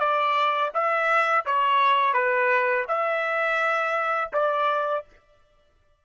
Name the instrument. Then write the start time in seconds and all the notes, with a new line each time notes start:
trumpet
0.00 D5
0.74 E5
1.46 C#5
2.14 B4
2.88 E5
4.33 D5